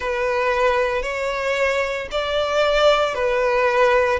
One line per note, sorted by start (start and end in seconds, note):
0.00 1.02 B4
1.02 2.08 C#5
2.11 3.14 D5
3.14 4.19 B4